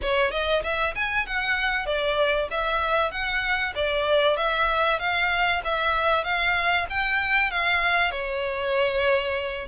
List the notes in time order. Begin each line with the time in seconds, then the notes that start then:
0.01 C#5
0.31 D#5
0.63 E5
0.95 G#5
1.26 F#5
1.86 D5
2.51 E5
3.11 F#5
3.75 D5
4.36 E5
4.99 F5
5.64 E5
6.23 F5
6.89 G5
7.51 F5
8.11 C#5